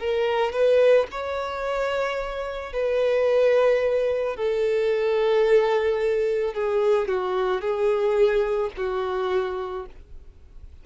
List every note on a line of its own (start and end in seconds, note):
0.00 0.53 A#4
0.53 1.08 B4
1.12 2.73 C#5
2.73 4.37 B4
4.37 6.55 A4
6.55 7.09 G#4
7.09 7.62 F#4
7.62 8.71 G#4
8.77 9.86 F#4